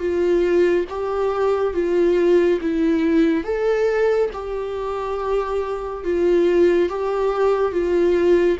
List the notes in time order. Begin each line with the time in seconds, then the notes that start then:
0.00 F4
0.89 G4
1.74 F4
2.62 E4
3.44 A4
4.34 G4
6.05 F4
6.89 G4
7.72 F4